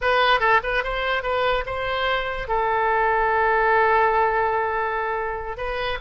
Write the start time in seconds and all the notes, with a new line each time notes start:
0.01 B4
0.40 A4
0.63 B4
0.83 C5
1.22 B4
1.66 C5
2.47 A4
5.57 B4